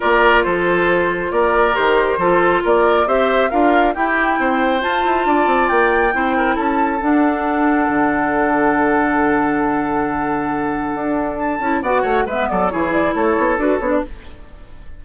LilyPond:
<<
  \new Staff \with { instrumentName = "flute" } { \time 4/4 \tempo 4 = 137 d''4 c''2 d''4 | c''2 d''4 e''4 | f''4 g''2 a''4~ | a''4 g''2 a''4 |
fis''1~ | fis''1~ | fis''2 a''4 fis''4 | e''8 d''8 cis''8 d''8 cis''4 b'8 cis''16 d''16 | }
  \new Staff \with { instrumentName = "oboe" } { \time 4/4 ais'4 a'2 ais'4~ | ais'4 a'4 ais'4 c''4 | ais'4 g'4 c''2 | d''2 c''8 ais'8 a'4~ |
a'1~ | a'1~ | a'2. d''8 cis''8 | b'8 a'8 gis'4 a'2 | }
  \new Staff \with { instrumentName = "clarinet" } { \time 4/4 f'1 | g'4 f'2 g'4 | f'4 e'2 f'4~ | f'2 e'2 |
d'1~ | d'1~ | d'2~ d'8 e'8 fis'4 | b4 e'2 fis'8 d'8 | }
  \new Staff \with { instrumentName = "bassoon" } { \time 4/4 ais4 f2 ais4 | dis4 f4 ais4 c'4 | d'4 e'4 c'4 f'8 e'8 | d'8 c'8 ais4 c'4 cis'4 |
d'2 d2~ | d1~ | d4 d'4. cis'8 b8 a8 | gis8 fis8 e4 a8 b8 d'8 b8 | }
>>